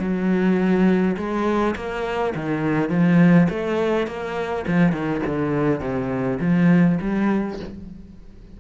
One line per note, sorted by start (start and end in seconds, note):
0.00 1.17 F#3
1.17 1.76 G#3
1.76 2.34 A#3
2.35 2.90 D#3
2.90 3.48 F3
3.50 4.07 A3
4.07 4.65 A#3
4.68 4.92 F3
4.92 5.22 D#3
5.26 5.80 D3
5.80 6.39 C3
6.41 6.99 F3
7.02 7.60 G3